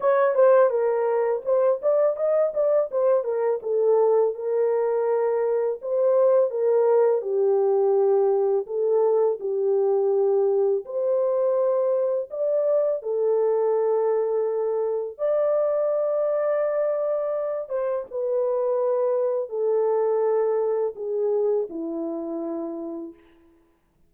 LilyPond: \new Staff \with { instrumentName = "horn" } { \time 4/4 \tempo 4 = 83 cis''8 c''8 ais'4 c''8 d''8 dis''8 d''8 | c''8 ais'8 a'4 ais'2 | c''4 ais'4 g'2 | a'4 g'2 c''4~ |
c''4 d''4 a'2~ | a'4 d''2.~ | d''8 c''8 b'2 a'4~ | a'4 gis'4 e'2 | }